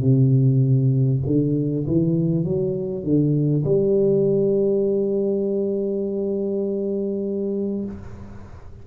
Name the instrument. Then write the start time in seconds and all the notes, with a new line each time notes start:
tuba
0.00 C3
1.26 D3
1.87 E3
2.44 F#3
3.03 D3
3.64 G3